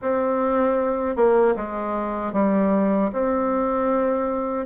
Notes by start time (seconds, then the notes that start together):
0.01 C4
1.15 A#3
1.55 G#3
2.32 G3
3.12 C4